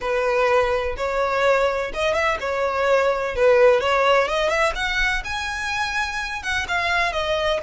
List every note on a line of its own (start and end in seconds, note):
0.00 0.96 B4
0.97 1.92 C#5
1.93 2.13 D#5
2.13 2.37 E5
2.40 3.35 C#5
3.35 3.80 B4
3.80 4.27 C#5
4.28 4.49 D#5
4.49 4.73 E5
4.75 5.23 F#5
5.24 6.42 G#5
6.42 6.66 F#5
6.68 7.12 F5
7.12 7.60 D#5